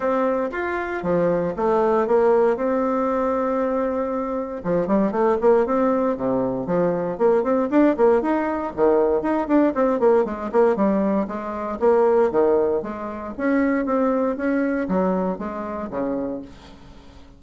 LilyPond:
\new Staff \with { instrumentName = "bassoon" } { \time 4/4 \tempo 4 = 117 c'4 f'4 f4 a4 | ais4 c'2.~ | c'4 f8 g8 a8 ais8 c'4 | c4 f4 ais8 c'8 d'8 ais8 |
dis'4 dis4 dis'8 d'8 c'8 ais8 | gis8 ais8 g4 gis4 ais4 | dis4 gis4 cis'4 c'4 | cis'4 fis4 gis4 cis4 | }